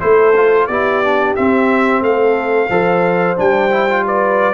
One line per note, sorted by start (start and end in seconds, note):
0.00 0.68 A3
0.00 0.34 E4
0.00 0.68 A4
0.00 0.67 C5
0.36 0.70 F4
0.67 1.36 B3
0.67 1.04 E4
0.67 2.03 G4
0.67 1.34 D5
1.04 1.37 D4
1.36 2.70 C4
1.36 2.01 C4
1.36 2.03 E5
2.01 2.69 A3
2.01 2.69 A4
2.01 3.38 F5
2.69 3.37 F3
2.69 3.37 A4
2.69 4.04 C5
3.37 4.54 G3
3.37 3.70 D4
3.37 4.06 G5
3.71 3.88 E4
3.88 4.54 F4
4.05 4.54 B4
4.05 4.54 D5